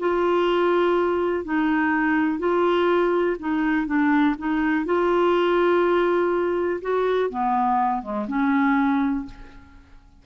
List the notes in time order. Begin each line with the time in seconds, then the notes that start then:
0.00 F4
1.45 D#4
2.39 F4
3.40 D#4
3.87 D4
4.39 D#4
4.86 F4
6.82 F#4
7.30 B3
8.02 G#3
8.28 C#4